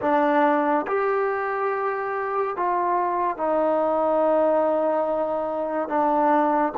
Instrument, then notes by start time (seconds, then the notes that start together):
trombone
0.01 D4
0.87 G4
2.56 F4
3.37 D#4
5.88 D4